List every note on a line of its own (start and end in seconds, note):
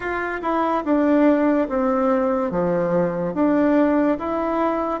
0.00 0.40 F4
0.42 0.83 E4
0.84 1.68 D4
1.68 2.50 C4
2.50 3.34 F3
3.34 4.17 D4
4.18 5.00 E4